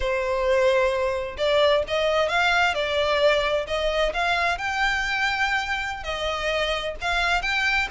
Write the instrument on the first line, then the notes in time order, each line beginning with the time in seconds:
violin
0.00 C5
1.37 D5
1.87 D#5
2.28 F5
2.74 D5
3.67 D#5
4.13 F5
4.58 G5
6.03 D#5
7.01 F5
7.42 G5